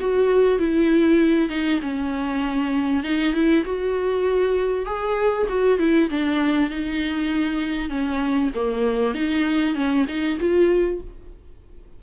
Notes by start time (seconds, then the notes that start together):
0.00 F#4
0.59 E4
1.49 D#4
1.82 C#4
3.03 D#4
3.34 E4
3.65 F#4
4.86 G#4
5.49 F#4
5.79 E4
6.10 D4
6.70 D#4
7.90 C#4
8.55 A#3
9.14 D#4
9.75 C#4
10.08 D#4
10.40 F4